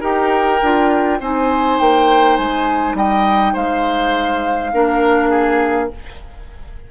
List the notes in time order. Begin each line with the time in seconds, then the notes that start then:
0.00 D#4 G4 A#4 G5
0.61 D4 F4
1.20 C4 D#4 C5 G#5
1.79 A#3 G5
2.36 G#3 G#5
2.94 G3 D#5 G5
3.53 G#3 C5 F5
4.73 A#3 D4 A#4
5.29 G#4